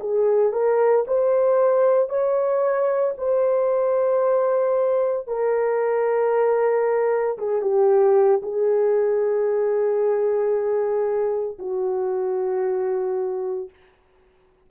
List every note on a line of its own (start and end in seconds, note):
0.00 0.52 G#4
0.52 1.05 A#4
1.07 2.09 C5
2.09 3.14 C#5
3.17 5.27 C5
5.27 7.37 A#4
7.37 7.61 G#4
7.61 8.40 G4
8.42 11.58 G#4
11.58 13.69 F#4